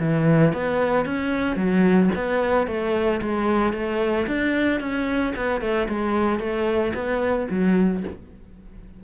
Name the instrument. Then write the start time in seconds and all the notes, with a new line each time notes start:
cello
0.00 E3
0.54 B3
1.06 C#4
1.57 F#3
2.16 B3
2.67 A3
3.22 G#3
3.74 A3
4.27 D4
4.81 C#4
5.36 B3
5.62 A3
5.89 G#3
6.40 A3
6.95 B3
7.50 F#3